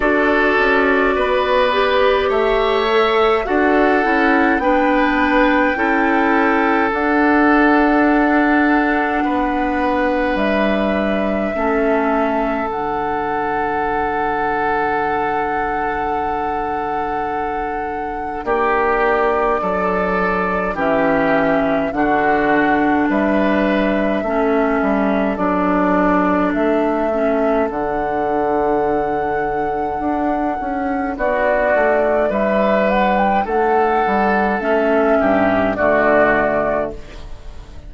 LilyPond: <<
  \new Staff \with { instrumentName = "flute" } { \time 4/4 \tempo 4 = 52 d''2 e''4 fis''4 | g''2 fis''2~ | fis''4 e''2 fis''4~ | fis''1 |
d''2 e''4 fis''4 | e''2 d''4 e''4 | fis''2. d''4 | e''8 fis''16 g''16 fis''4 e''4 d''4 | }
  \new Staff \with { instrumentName = "oboe" } { \time 4/4 a'4 b'4 cis''4 a'4 | b'4 a'2. | b'2 a'2~ | a'1 |
g'4 a'4 g'4 fis'4 | b'4 a'2.~ | a'2. fis'4 | b'4 a'4. g'8 fis'4 | }
  \new Staff \with { instrumentName = "clarinet" } { \time 4/4 fis'4. g'4 a'8 fis'8 e'8 | d'4 e'4 d'2~ | d'2 cis'4 d'4~ | d'1~ |
d'2 cis'4 d'4~ | d'4 cis'4 d'4. cis'8 | d'1~ | d'2 cis'4 a4 | }
  \new Staff \with { instrumentName = "bassoon" } { \time 4/4 d'8 cis'8 b4 a4 d'8 cis'8 | b4 cis'4 d'2 | b4 g4 a4 d4~ | d1 |
ais4 fis4 e4 d4 | g4 a8 g8 fis4 a4 | d2 d'8 cis'8 b8 a8 | g4 a8 g8 a8 g,8 d4 | }
>>